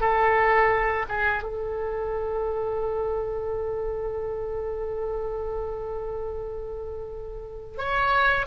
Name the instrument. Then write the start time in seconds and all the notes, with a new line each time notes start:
oboe
0.00 A4
1.08 G#4
1.43 A4
7.78 C#5